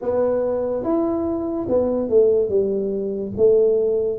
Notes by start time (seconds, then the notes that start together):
0.01 B3
0.83 E4
1.68 B3
2.09 A3
2.49 G3
3.36 A3